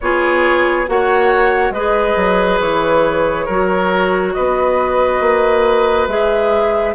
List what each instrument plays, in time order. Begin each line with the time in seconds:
0.01 bassoon B3, clarinet F4, oboe G#4, flute C#5
0.86 bassoon A#3, clarinet F#4, oboe C#5, flute F#5
1.70 bassoon G#3, clarinet G#4, oboe B4, flute D#5
2.16 bassoon F#3
2.60 bassoon E3, flute C#5
3.45 bassoon F#3, clarinet F#4, oboe A#4
4.33 bassoon B3, oboe B4, flute D#5
5.20 bassoon A#3
6.07 bassoon G#3, clarinet G#4, flute E5